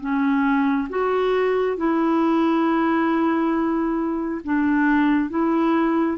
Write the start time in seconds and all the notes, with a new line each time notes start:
0.00 C#4
0.89 F#4
1.77 E4
4.44 D4
5.30 E4